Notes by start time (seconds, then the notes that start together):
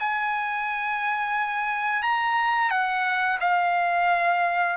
0.00 G#5
2.03 A#5
2.71 F#5
3.41 F5